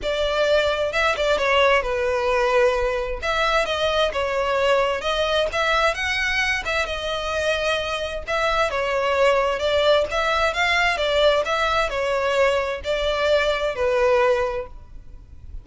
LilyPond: \new Staff \with { instrumentName = "violin" } { \time 4/4 \tempo 4 = 131 d''2 e''8 d''8 cis''4 | b'2. e''4 | dis''4 cis''2 dis''4 | e''4 fis''4. e''8 dis''4~ |
dis''2 e''4 cis''4~ | cis''4 d''4 e''4 f''4 | d''4 e''4 cis''2 | d''2 b'2 | }